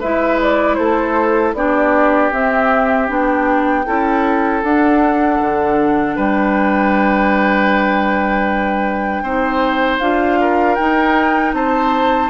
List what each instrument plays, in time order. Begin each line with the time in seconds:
0.00 bassoon G#3, clarinet E4, oboe B4, flute E5
0.42 flute D5
0.75 bassoon A3, oboe A4, flute C5
1.54 bassoon B3, clarinet D4, oboe G4, flute D5
2.32 clarinet C4, bassoon C4, flute E5
3.08 bassoon B3, clarinet D4, flute G5
3.86 bassoon C#4, clarinet E4, oboe A4
4.63 bassoon D4, clarinet D4, flute F#5
5.41 bassoon D3
6.16 bassoon G3, oboe B4, flute G5
9.22 bassoon C4, clarinet D#4, oboe C5
10.00 bassoon D4, clarinet F4, flute F5
10.41 oboe A#4
10.75 clarinet D#4, bassoon D#4, flute G5
11.53 bassoon C4, oboe C5, flute A5